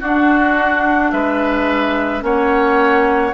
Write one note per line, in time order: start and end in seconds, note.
0.00 2.21 D4
0.00 1.12 D4
0.00 1.11 F#4
0.00 1.11 F#5
1.11 2.22 G#3
1.11 2.23 B4
1.11 2.22 E5
2.21 3.33 A#3
2.21 3.32 C#4
2.21 3.34 C#5
2.21 3.34 F#5